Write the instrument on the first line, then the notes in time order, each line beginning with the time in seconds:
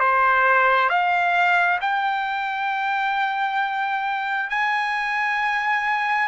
trumpet
0.00 C5
0.90 F5
1.82 G5
4.50 G#5